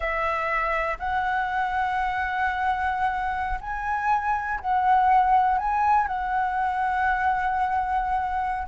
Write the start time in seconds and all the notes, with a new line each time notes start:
0.00 E5
0.99 F#5
3.60 G#5
4.60 F#5
5.58 G#5
6.07 F#5